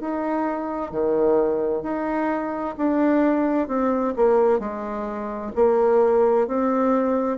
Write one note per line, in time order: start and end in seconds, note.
0.00 0.91 D#4
0.91 1.83 D#3
1.83 2.75 D#4
2.77 3.68 D4
3.68 4.14 C4
4.16 4.59 A#3
4.59 5.52 G#3
5.56 6.47 A#3
6.47 7.38 C4